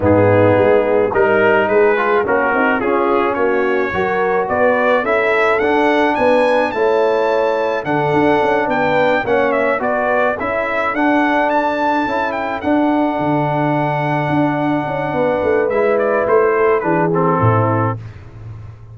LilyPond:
<<
  \new Staff \with { instrumentName = "trumpet" } { \time 4/4 \tempo 4 = 107 gis'2 ais'4 b'4 | ais'4 gis'4 cis''2 | d''4 e''4 fis''4 gis''4 | a''2 fis''4. g''8~ |
g''8 fis''8 e''8 d''4 e''4 fis''8~ | fis''8 a''4. g''8 fis''4.~ | fis''1 | e''8 d''8 c''4 b'8 a'4. | }
  \new Staff \with { instrumentName = "horn" } { \time 4/4 dis'2 ais'4 gis'4 | cis'8 dis'8 f'4 fis'4 ais'4 | b'4 a'2 b'4 | cis''2 a'4. b'8~ |
b'8 cis''4 b'4 a'4.~ | a'1~ | a'2. b'4~ | b'4. a'8 gis'4 e'4 | }
  \new Staff \with { instrumentName = "trombone" } { \time 4/4 b2 dis'4. f'8 | fis'4 cis'2 fis'4~ | fis'4 e'4 d'2 | e'2 d'2~ |
d'8 cis'4 fis'4 e'4 d'8~ | d'4. e'4 d'4.~ | d'1 | e'2 d'8 c'4. | }
  \new Staff \with { instrumentName = "tuba" } { \time 4/4 gis,4 gis4 g4 gis4 | ais8 c'8 cis'4 ais4 fis4 | b4 cis'4 d'4 b4 | a2 d8 d'8 cis'8 b8~ |
b8 ais4 b4 cis'4 d'8~ | d'4. cis'4 d'4 d8~ | d4. d'4 cis'8 b8 a8 | gis4 a4 e4 a,4 | }
>>